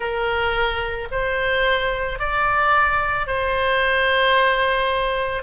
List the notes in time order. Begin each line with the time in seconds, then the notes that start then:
0.00 A#4
1.11 C5
2.19 D5
3.26 C5